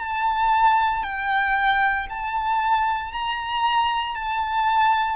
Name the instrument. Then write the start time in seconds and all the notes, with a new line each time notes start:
violin
0.00 A5
1.03 G5
2.10 A5
3.13 A#5
4.15 A5